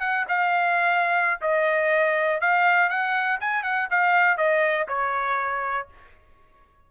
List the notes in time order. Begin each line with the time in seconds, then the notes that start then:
0.00 F#5
0.28 F5
1.41 D#5
2.41 F5
2.89 F#5
3.40 G#5
3.63 F#5
3.90 F5
4.37 D#5
4.88 C#5